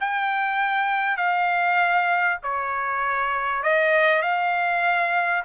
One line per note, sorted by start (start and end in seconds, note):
0.00 1.17 G5
1.17 2.38 F5
2.43 3.63 C#5
3.63 4.22 D#5
4.22 5.43 F5